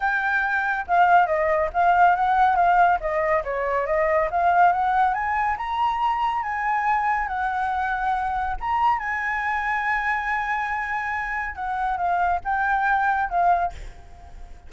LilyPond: \new Staff \with { instrumentName = "flute" } { \time 4/4 \tempo 4 = 140 g''2 f''4 dis''4 | f''4 fis''4 f''4 dis''4 | cis''4 dis''4 f''4 fis''4 | gis''4 ais''2 gis''4~ |
gis''4 fis''2. | ais''4 gis''2.~ | gis''2. fis''4 | f''4 g''2 f''4 | }